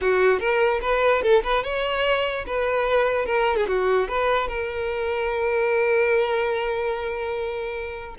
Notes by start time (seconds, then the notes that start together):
0.01 F#4
0.39 A#4
0.81 B4
1.22 A4
1.43 B4
1.63 C#5
2.46 B4
3.25 A#4
3.56 G#4
3.67 F#4
4.08 B4
4.48 A#4